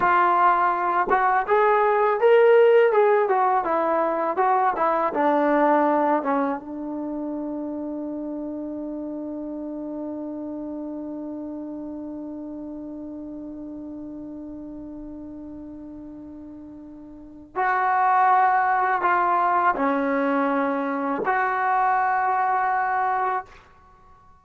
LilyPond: \new Staff \with { instrumentName = "trombone" } { \time 4/4 \tempo 4 = 82 f'4. fis'8 gis'4 ais'4 | gis'8 fis'8 e'4 fis'8 e'8 d'4~ | d'8 cis'8 d'2.~ | d'1~ |
d'1~ | d'1 | fis'2 f'4 cis'4~ | cis'4 fis'2. | }